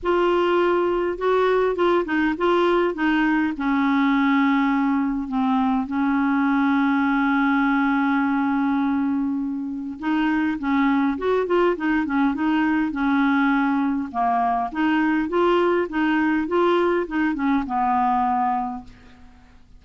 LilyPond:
\new Staff \with { instrumentName = "clarinet" } { \time 4/4 \tempo 4 = 102 f'2 fis'4 f'8 dis'8 | f'4 dis'4 cis'2~ | cis'4 c'4 cis'2~ | cis'1~ |
cis'4 dis'4 cis'4 fis'8 f'8 | dis'8 cis'8 dis'4 cis'2 | ais4 dis'4 f'4 dis'4 | f'4 dis'8 cis'8 b2 | }